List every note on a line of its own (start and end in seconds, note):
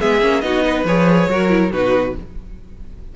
0.00 0.21 G#3
0.00 0.21 B3
0.00 0.43 G#4
0.00 0.40 E5
0.21 0.42 A#3
0.21 0.42 C#4
0.40 0.84 B3
0.40 0.85 D#4
0.40 0.64 F#4
0.40 0.83 D#5
0.64 1.29 B4
0.84 1.27 F3
0.84 1.30 G#4
0.84 1.72 C#5
1.28 1.71 F#3
1.28 1.49 F#4
1.28 1.72 A#4
1.49 1.71 E4
1.71 2.14 B2
1.71 2.16 D#4
1.71 2.15 F#4
1.71 2.15 B4